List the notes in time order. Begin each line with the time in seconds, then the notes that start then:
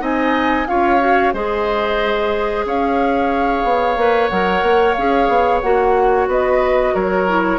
0.00 C4 D#4 D#5 G#5
0.67 C#4 F4 C#5 F5
1.00 F#4
1.33 G#3 G#4 C5 D#5
2.65 C#4 C#5 F5
3.64 B3
3.96 A#3 B4
4.29 F#3 A#4 F#5
4.62 A#3
4.94 C#4 G#4 F5
5.28 B3
5.61 A#3 F#4 F#5
6.27 B3 B4 D#5
6.94 F#3 A#4 C#5
7.27 E4